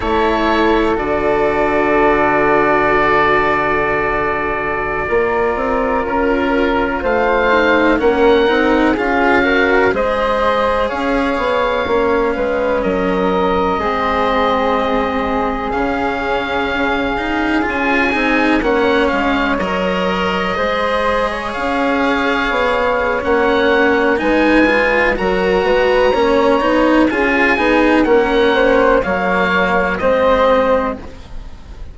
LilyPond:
<<
  \new Staff \with { instrumentName = "oboe" } { \time 4/4 \tempo 4 = 62 cis''4 d''2.~ | d''2~ d''16 ais'4 f''8.~ | f''16 fis''4 f''4 dis''4 f''8.~ | f''4~ f''16 dis''2~ dis''8.~ |
dis''16 f''2 gis''4 fis''8 f''16~ | f''16 dis''2 f''4.~ f''16 | fis''4 gis''4 ais''2 | gis''4 fis''4 f''4 dis''4 | }
  \new Staff \with { instrumentName = "flute" } { \time 4/4 a'1~ | a'4~ a'16 ais'2 c''8.~ | c''16 ais'4 gis'8 ais'8 c''4 cis''8.~ | cis''8. b'8 ais'4 gis'4.~ gis'16~ |
gis'2.~ gis'16 cis''8.~ | cis''4~ cis''16 c''8. cis''2~ | cis''4 b'4 ais'8 b'8 cis''4 | gis'4 ais'8 c''8 cis''4 c''4 | }
  \new Staff \with { instrumentName = "cello" } { \time 4/4 e'4 fis'2.~ | fis'4~ fis'16 f'2~ f'8 dis'16~ | dis'16 cis'8 dis'8 f'8 fis'8 gis'4.~ gis'16~ | gis'16 cis'2 c'4.~ c'16~ |
c'16 cis'4. dis'8 f'8 dis'8 cis'8.~ | cis'16 ais'4 gis'2~ gis'8. | cis'4 dis'8 f'8 fis'4 cis'8 dis'8 | f'8 dis'8 cis'4 ais4 c'4 | }
  \new Staff \with { instrumentName = "bassoon" } { \time 4/4 a4 d2.~ | d4~ d16 ais8 c'8 cis'4 a8.~ | a16 ais8 c'8 cis'4 gis4 cis'8 b16~ | b16 ais8 gis8 fis4 gis4.~ gis16~ |
gis16 cis2 cis'8 c'8 ais8 gis16~ | gis16 fis4 gis4 cis'4 b8. | ais4 gis4 fis8 gis8 ais8 b8 | cis'8 b8 ais4 fis4 gis4 | }
>>